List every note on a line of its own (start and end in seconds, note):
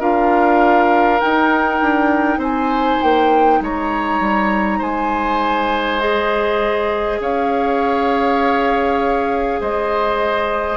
0.00 1.21 D4
0.00 1.20 F4
0.00 2.39 A#4
0.00 1.21 F5
1.20 6.00 D#4
1.20 1.82 D#4
1.20 2.41 G5
1.82 2.38 D4
2.38 2.98 C4
2.38 3.59 C5
2.38 3.02 G#5
3.02 3.61 A#3
3.02 3.62 G5
3.61 4.21 G#3
3.61 4.79 C#5
3.61 4.82 A#5
4.21 4.80 G3
4.79 7.20 G#3
4.79 7.19 C5
4.79 6.00 G#5
6.00 10.77 G#4
6.00 7.21 D#5
7.20 9.60 C#4
7.20 9.61 C#5
7.20 9.62 F5
9.61 10.77 G#3
9.61 10.77 C5
9.61 10.77 D#5